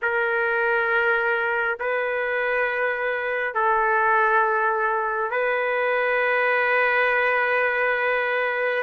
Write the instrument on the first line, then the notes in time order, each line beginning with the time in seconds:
trumpet
0.02 A#4
1.79 B4
3.54 A4
5.30 B4